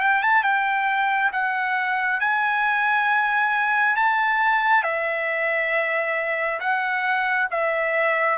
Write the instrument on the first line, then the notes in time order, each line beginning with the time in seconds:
trumpet
0.00 G5
0.22 A5
0.43 G5
1.32 F#5
2.20 G#5
3.96 A5
4.83 E5
6.60 F#5
7.51 E5